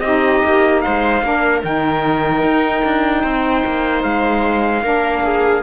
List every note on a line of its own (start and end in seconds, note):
0.00 0.41 C4
0.00 1.23 D#4
0.00 0.84 G4
0.00 0.80 D#5
0.45 0.85 A#3
0.81 1.22 G#3
0.81 1.24 C5
0.81 1.61 F5
1.22 1.62 A#3
1.22 1.63 D4
1.22 3.22 A#4
1.63 2.43 D#3
1.63 4.82 D#4
1.63 4.03 G5
2.43 2.83 D#4
2.85 3.24 D4
3.22 3.64 C4
3.22 4.82 C5
3.66 4.04 A#3
4.03 4.84 G#3
4.03 5.63 F5
4.82 5.63 A#3
4.82 5.62 D4
4.82 5.23 A#4
5.23 5.63 G#4